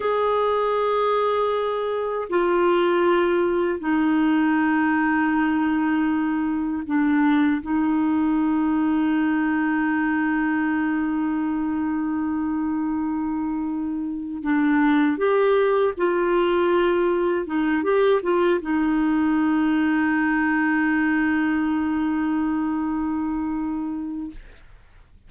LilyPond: \new Staff \with { instrumentName = "clarinet" } { \time 4/4 \tempo 4 = 79 gis'2. f'4~ | f'4 dis'2.~ | dis'4 d'4 dis'2~ | dis'1~ |
dis'2. d'4 | g'4 f'2 dis'8 g'8 | f'8 dis'2.~ dis'8~ | dis'1 | }